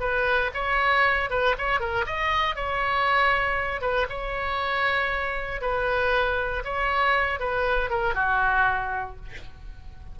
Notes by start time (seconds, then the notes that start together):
0.00 B4
0.54 C#5
1.30 B4
1.58 C#5
1.80 A#4
2.06 D#5
2.55 C#5
3.81 B4
4.09 C#5
5.61 B4
6.64 C#5
7.39 B4
7.90 A#4
8.14 F#4